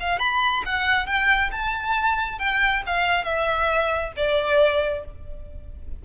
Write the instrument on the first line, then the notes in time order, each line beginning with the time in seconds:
violin
0.00 F5
0.19 B5
0.66 F#5
1.06 G5
1.52 A5
2.39 G5
2.86 F5
3.24 E5
4.17 D5